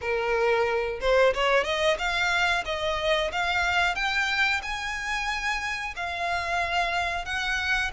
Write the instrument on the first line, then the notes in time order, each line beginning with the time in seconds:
violin
0.01 A#4
1.00 C5
1.34 C#5
1.64 D#5
1.98 F5
2.65 D#5
3.31 F5
3.95 G5
4.62 G#5
5.96 F5
7.25 F#5